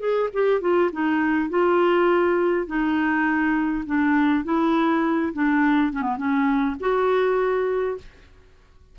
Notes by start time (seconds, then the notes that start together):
0.00 G#4
0.33 G4
0.61 F4
0.93 D#4
1.50 F4
2.67 D#4
3.86 D4
4.45 E4
5.34 D4
5.93 C#4
6.02 B3
6.18 C#4
6.80 F#4